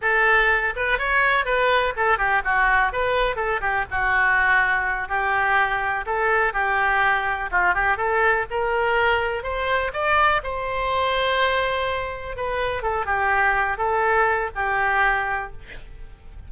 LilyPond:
\new Staff \with { instrumentName = "oboe" } { \time 4/4 \tempo 4 = 124 a'4. b'8 cis''4 b'4 | a'8 g'8 fis'4 b'4 a'8 g'8 | fis'2~ fis'8 g'4.~ | g'8 a'4 g'2 f'8 |
g'8 a'4 ais'2 c''8~ | c''8 d''4 c''2~ c''8~ | c''4. b'4 a'8 g'4~ | g'8 a'4. g'2 | }